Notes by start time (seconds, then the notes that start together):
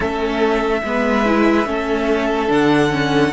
0.00 A3 C#4 A4 E5
0.83 G#3 B3 B4
1.25 E4
1.65 A3 C#4 A4
2.48 D3 D4 F#5
2.90 C#4